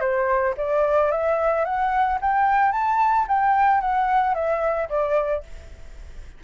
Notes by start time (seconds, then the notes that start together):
0.00 C5
0.57 D5
1.11 E5
1.64 F#5
2.21 G5
2.72 A5
3.28 G5
3.81 F#5
4.34 E5
4.89 D5